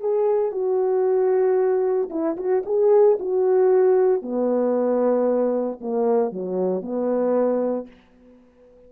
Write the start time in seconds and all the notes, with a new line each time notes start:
0.00 G#4
0.52 F#4
2.10 E4
2.37 F#4
2.66 G#4
3.20 F#4
4.22 B3
5.81 A#3
6.32 F#3
6.82 B3